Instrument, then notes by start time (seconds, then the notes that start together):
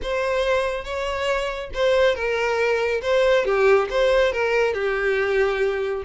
violin
0.02 C5
0.84 C#5
1.74 C5
2.15 A#4
3.02 C5
3.45 G4
3.90 C5
4.32 A#4
4.73 G4